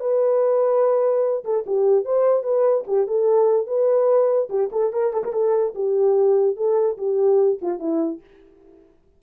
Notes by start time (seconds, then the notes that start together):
0.00 B4
1.44 A4
1.66 G4
2.05 C5
2.43 B4
2.87 G4
3.07 A4
3.67 B4
4.49 G4
4.72 A4
4.93 A#4
5.13 A4
5.24 A#4
5.33 A4
5.75 G4
6.56 A4
6.97 G4
7.62 F4
7.79 E4